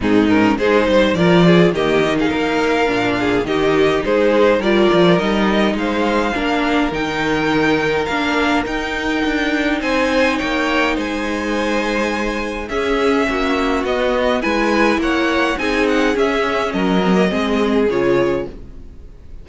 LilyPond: <<
  \new Staff \with { instrumentName = "violin" } { \time 4/4 \tempo 4 = 104 gis'8 ais'8 c''4 d''4 dis''8. f''16~ | f''2 dis''4 c''4 | d''4 dis''4 f''2 | g''2 f''4 g''4~ |
g''4 gis''4 g''4 gis''4~ | gis''2 e''2 | dis''4 gis''4 fis''4 gis''8 fis''8 | e''4 dis''2 cis''4 | }
  \new Staff \with { instrumentName = "violin" } { \time 4/4 dis'4 gis'8 c''8 ais'8 gis'8 g'8. gis'16 | ais'4. gis'8 g'4 gis'4 | ais'2 c''4 ais'4~ | ais'1~ |
ais'4 c''4 cis''4 c''4~ | c''2 gis'4 fis'4~ | fis'4 b'4 cis''4 gis'4~ | gis'4 ais'4 gis'2 | }
  \new Staff \with { instrumentName = "viola" } { \time 4/4 c'8 cis'8 dis'4 f'4 ais8 dis'8~ | dis'4 d'4 dis'2 | f'4 dis'2 d'4 | dis'2 d'4 dis'4~ |
dis'1~ | dis'2 cis'2 | b4 e'2 dis'4 | cis'4. c'16 ais16 c'4 f'4 | }
  \new Staff \with { instrumentName = "cello" } { \time 4/4 gis,4 gis8 g8 f4 dis4 | ais4 ais,4 dis4 gis4 | g8 f8 g4 gis4 ais4 | dis2 ais4 dis'4 |
d'4 c'4 ais4 gis4~ | gis2 cis'4 ais4 | b4 gis4 ais4 c'4 | cis'4 fis4 gis4 cis4 | }
>>